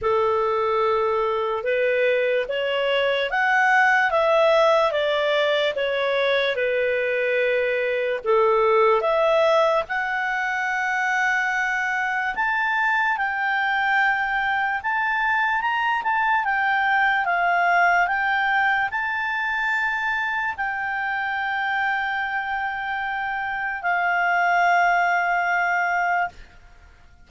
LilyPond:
\new Staff \with { instrumentName = "clarinet" } { \time 4/4 \tempo 4 = 73 a'2 b'4 cis''4 | fis''4 e''4 d''4 cis''4 | b'2 a'4 e''4 | fis''2. a''4 |
g''2 a''4 ais''8 a''8 | g''4 f''4 g''4 a''4~ | a''4 g''2.~ | g''4 f''2. | }